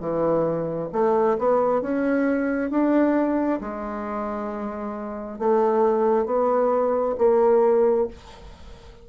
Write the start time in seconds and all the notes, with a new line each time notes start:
0.00 E3
0.93 A3
1.39 B3
1.82 C#4
2.71 D4
3.61 G#3
5.39 A3
6.26 B3
7.18 A#3